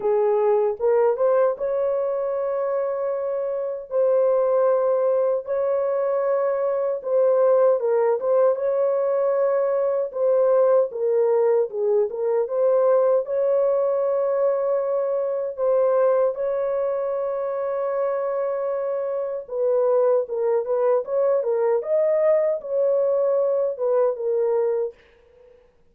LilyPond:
\new Staff \with { instrumentName = "horn" } { \time 4/4 \tempo 4 = 77 gis'4 ais'8 c''8 cis''2~ | cis''4 c''2 cis''4~ | cis''4 c''4 ais'8 c''8 cis''4~ | cis''4 c''4 ais'4 gis'8 ais'8 |
c''4 cis''2. | c''4 cis''2.~ | cis''4 b'4 ais'8 b'8 cis''8 ais'8 | dis''4 cis''4. b'8 ais'4 | }